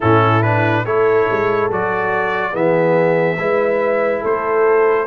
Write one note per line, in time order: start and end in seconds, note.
0.00 0.85 A2
0.00 0.42 C#4
0.00 0.84 E4
0.00 0.42 A4
0.42 0.85 D4
0.42 0.84 B4
0.84 1.27 A3
0.84 1.70 E4
0.84 2.52 A4
0.84 1.70 C#5
1.31 1.70 G#3
1.70 2.54 F#3
1.70 2.52 F#4
1.70 2.55 D5
2.52 3.38 E3
2.52 3.37 B3
2.52 3.36 G#4
2.52 4.24 E5
3.38 4.23 G#3
3.38 5.07 E4
3.38 4.21 B4
4.21 5.07 A3
4.21 5.05 A4
4.21 5.07 C5